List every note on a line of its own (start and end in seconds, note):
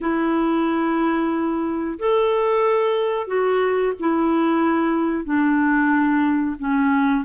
0.00 1.98 E4
1.98 3.27 A4
3.27 3.93 F#4
3.99 5.24 E4
5.24 6.56 D4
6.58 7.24 C#4